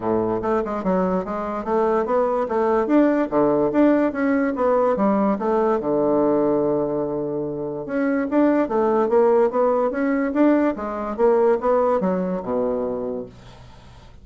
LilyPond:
\new Staff \with { instrumentName = "bassoon" } { \time 4/4 \tempo 4 = 145 a,4 a8 gis8 fis4 gis4 | a4 b4 a4 d'4 | d4 d'4 cis'4 b4 | g4 a4 d2~ |
d2. cis'4 | d'4 a4 ais4 b4 | cis'4 d'4 gis4 ais4 | b4 fis4 b,2 | }